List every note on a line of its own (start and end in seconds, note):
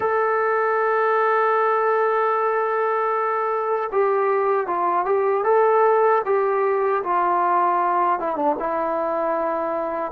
0.00 3.90 A4
3.92 4.66 G4
4.66 5.05 F4
5.05 5.44 G4
5.44 6.21 A4
6.25 7.03 G4
7.03 8.19 F4
8.19 8.36 E4
8.36 8.55 D4
8.59 10.12 E4